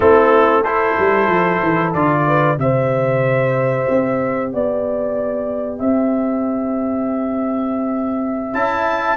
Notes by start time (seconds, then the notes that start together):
0.00 A3 C4 E4 A4
0.61 E4 A4 C5
0.98 G3
1.27 F3
1.62 E3
1.93 D3 F4 D5
2.27 B4
2.57 C3 G4 C5 E5
3.89 C4
4.51 B3 D5 G5
5.79 C4 E5
8.53 C#4 E4 A5